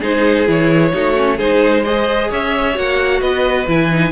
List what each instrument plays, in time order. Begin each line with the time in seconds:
0.00 cello G#3, viola D#4, violin G#4 C5
0.46 cello E3, viola E4, violin C#5
0.92 cello A3, viola D#4, violin F#4
1.15 viola C#4
1.36 cello G#3, viola D#4, violin G#4 C5
1.83 viola G#4, violin C5 D#5
2.29 cello C#4, violin C#5 E5
2.74 cello A#3, viola F#4, violin F#5
3.20 cello B3, violin B4 D#5
3.67 cello E3, viola E4, violin G#5
3.90 viola D#4